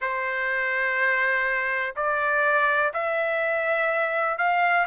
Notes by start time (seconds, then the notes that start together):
0.00 C5
1.96 D5
2.93 E5
4.38 F5